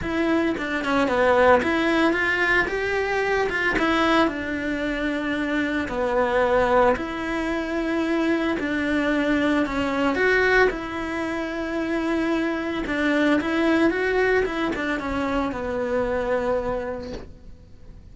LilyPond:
\new Staff \with { instrumentName = "cello" } { \time 4/4 \tempo 4 = 112 e'4 d'8 cis'8 b4 e'4 | f'4 g'4. f'8 e'4 | d'2. b4~ | b4 e'2. |
d'2 cis'4 fis'4 | e'1 | d'4 e'4 fis'4 e'8 d'8 | cis'4 b2. | }